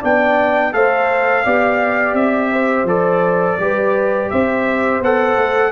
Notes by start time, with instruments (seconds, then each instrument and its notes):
0.00 tuba B3, trombone D4, horn D5, trumpet G5
0.73 tuba A3, trombone A4, horn C5, trumpet F5
1.44 tuba B3, trombone G4, horn D5
2.14 tuba C4, trumpet E5
2.53 horn C5
2.84 tuba F3, trombone A4, trumpet D5
3.60 tuba G3, trombone G4, horn B4
4.31 tuba C4, horn C5, trumpet E5
5.01 tuba B3, trombone A4, trumpet F#5
5.37 tuba A3